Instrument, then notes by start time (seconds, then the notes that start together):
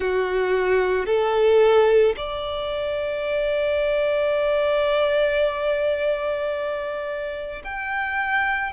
violin
0.00 F#4
1.06 A4
2.17 D5
7.64 G5